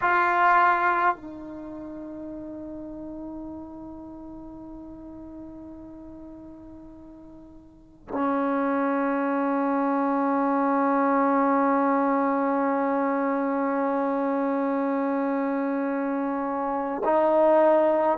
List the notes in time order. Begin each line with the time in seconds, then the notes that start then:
0.01 F4
1.15 D#4
8.08 C#4
17.04 D#4